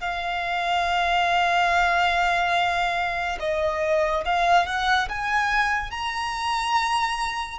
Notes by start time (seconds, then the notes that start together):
0.00 F5
3.39 D#5
4.25 F5
4.66 F#5
5.09 G#5
5.90 A#5